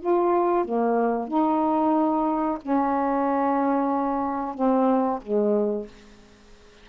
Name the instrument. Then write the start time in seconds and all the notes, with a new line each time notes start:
saxophone
0.00 F4
0.65 A#3
1.28 D#4
2.62 C#4
4.55 C4
5.22 G#3